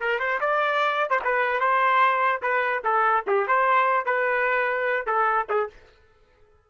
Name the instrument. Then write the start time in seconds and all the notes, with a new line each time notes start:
trumpet
0.00 A#4
0.19 C5
0.41 D5
1.10 C5
1.24 B4
1.60 C5
2.42 B4
2.84 A4
3.27 G4
3.47 C5
4.06 B4
5.06 A4
5.49 G#4